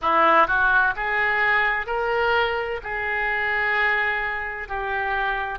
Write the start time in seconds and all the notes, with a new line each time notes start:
0.01 E4
0.47 F#4
0.95 G#4
1.86 A#4
2.83 G#4
4.68 G4